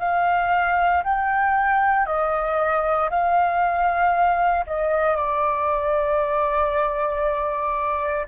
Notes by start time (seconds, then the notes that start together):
0.00 F5
1.04 G5
2.06 D#5
3.10 F5
4.67 D#5
5.16 D5